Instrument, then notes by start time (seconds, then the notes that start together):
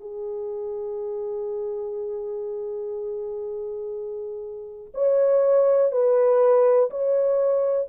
horn
0.00 G#4
4.94 C#5
5.92 B4
6.90 C#5